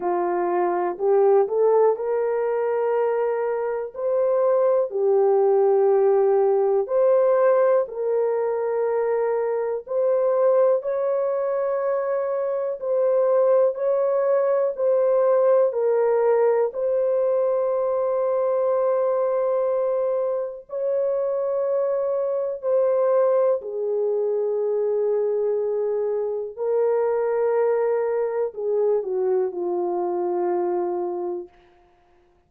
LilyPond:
\new Staff \with { instrumentName = "horn" } { \time 4/4 \tempo 4 = 61 f'4 g'8 a'8 ais'2 | c''4 g'2 c''4 | ais'2 c''4 cis''4~ | cis''4 c''4 cis''4 c''4 |
ais'4 c''2.~ | c''4 cis''2 c''4 | gis'2. ais'4~ | ais'4 gis'8 fis'8 f'2 | }